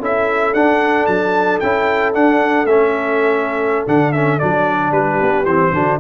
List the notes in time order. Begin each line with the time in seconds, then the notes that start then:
0.00 C#4 E4 A4 E5
0.54 D4 F#5
1.07 F#3 A5
1.60 C#4 E4 G5
2.14 D4 F#5
2.65 A3 C#4 E5
3.87 D3 D4 F#5
4.13 C#4 E5
4.39 F#3 D4 D5
4.92 G3 G4 B4
5.22 B3
5.46 E3 C4 C5
5.72 D3 D4 F#4